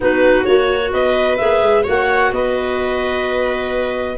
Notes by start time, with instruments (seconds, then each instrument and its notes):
0.00 tuba B3, clarinet D#4 B4, viola F#4
0.44 tuba A#3, clarinet F#4 C#5
0.92 tuba B3, viola B4, clarinet D#5
1.37 tuba A#3, clarinet G#4 E5
1.61 tuba G#3
1.83 tuba A#3, clarinet F#4 F#5, viola C#5
2.31 tuba B3, viola B4, clarinet D#5